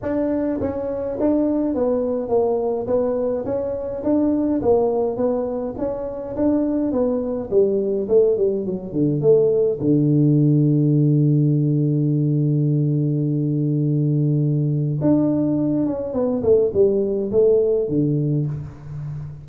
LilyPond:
\new Staff \with { instrumentName = "tuba" } { \time 4/4 \tempo 4 = 104 d'4 cis'4 d'4 b4 | ais4 b4 cis'4 d'4 | ais4 b4 cis'4 d'4 | b4 g4 a8 g8 fis8 d8 |
a4 d2.~ | d1~ | d2 d'4. cis'8 | b8 a8 g4 a4 d4 | }